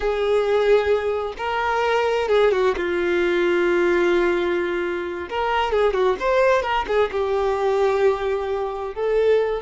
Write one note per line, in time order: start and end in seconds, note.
0.00 1.33 G#4
1.37 2.28 A#4
2.28 2.51 G#4
2.51 2.74 F#4
2.76 5.28 F4
5.29 5.71 A#4
5.71 5.93 G#4
5.93 6.16 F#4
6.19 6.62 C5
6.62 6.85 A#4
6.87 7.10 G#4
7.11 8.94 G4
8.94 9.62 A4